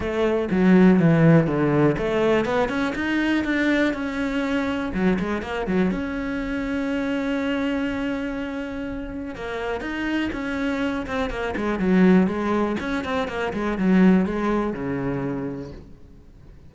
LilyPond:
\new Staff \with { instrumentName = "cello" } { \time 4/4 \tempo 4 = 122 a4 fis4 e4 d4 | a4 b8 cis'8 dis'4 d'4 | cis'2 fis8 gis8 ais8 fis8 | cis'1~ |
cis'2. ais4 | dis'4 cis'4. c'8 ais8 gis8 | fis4 gis4 cis'8 c'8 ais8 gis8 | fis4 gis4 cis2 | }